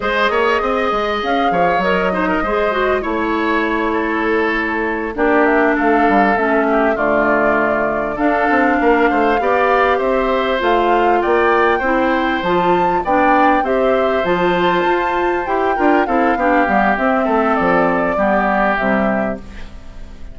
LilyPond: <<
  \new Staff \with { instrumentName = "flute" } { \time 4/4 \tempo 4 = 99 dis''2 f''4 dis''4~ | dis''4 cis''2.~ | cis''8 d''8 e''8 f''4 e''4 d''8~ | d''4. f''2~ f''8~ |
f''8 e''4 f''4 g''4.~ | g''8 a''4 g''4 e''4 a''8~ | a''4. g''4 f''4. | e''4 d''2 e''4 | }
  \new Staff \with { instrumentName = "oboe" } { \time 4/4 c''8 cis''8 dis''4. cis''4 c''16 ais'16 | c''4 cis''4. a'4.~ | a'8 g'4 a'4. g'8 f'8~ | f'4. a'4 ais'8 c''8 d''8~ |
d''8 c''2 d''4 c''8~ | c''4. d''4 c''4.~ | c''2 ais'8 a'8 g'4~ | g'8 a'4. g'2 | }
  \new Staff \with { instrumentName = "clarinet" } { \time 4/4 gis'2. ais'8 dis'8 | gis'8 fis'8 e'2.~ | e'8 d'2 cis'4 a8~ | a4. d'2 g'8~ |
g'4. f'2 e'8~ | e'8 f'4 d'4 g'4 f'8~ | f'4. g'8 f'8 e'8 d'8 b8 | c'2 b4 g4 | }
  \new Staff \with { instrumentName = "bassoon" } { \time 4/4 gis8 ais8 c'8 gis8 cis'8 f8 fis4 | gis4 a2.~ | a8 ais4 a8 g8 a4 d8~ | d4. d'8 c'8 ais8 a8 b8~ |
b8 c'4 a4 ais4 c'8~ | c'8 f4 b4 c'4 f8~ | f8 f'4 e'8 d'8 c'8 b8 g8 | c'8 a8 f4 g4 c4 | }
>>